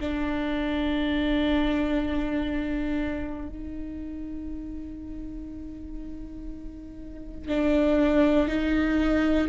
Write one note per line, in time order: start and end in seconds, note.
0.00 3.49 D4
3.49 7.48 D#4
7.48 8.48 D4
8.48 9.48 D#4